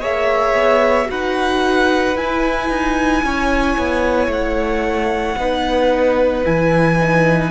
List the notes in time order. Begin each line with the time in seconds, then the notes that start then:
0.00 A#3 G#4 C#5 E5
0.54 B3
1.06 D#4 F#4 B4 F#5
2.15 E4 G#5
2.69 D#4
3.23 C#4 C#5
3.78 B3
4.27 A3 F#5
5.37 B3 D#4 B4
6.44 E3 E4 G#5
7.00 D#4